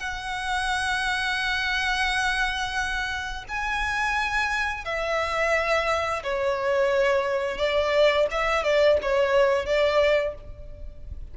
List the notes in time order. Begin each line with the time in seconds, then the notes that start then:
0.00 F#5
3.49 G#5
4.85 E5
6.24 C#5
7.58 D5
8.31 E5
8.64 D5
9.02 C#5
9.66 D5